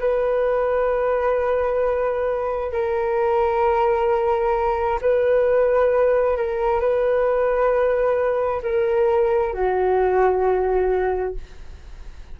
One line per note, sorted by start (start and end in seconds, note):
0.00 2.72 B4
2.72 5.00 A#4
5.01 6.37 B4
6.37 6.80 A#4
6.80 8.62 B4
8.62 9.53 A#4
9.53 11.35 F#4